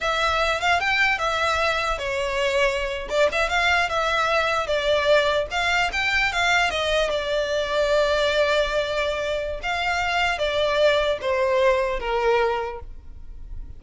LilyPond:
\new Staff \with { instrumentName = "violin" } { \time 4/4 \tempo 4 = 150 e''4. f''8 g''4 e''4~ | e''4 cis''2~ cis''8. d''16~ | d''16 e''8 f''4 e''2 d''16~ | d''4.~ d''16 f''4 g''4 f''16~ |
f''8. dis''4 d''2~ d''16~ | d''1 | f''2 d''2 | c''2 ais'2 | }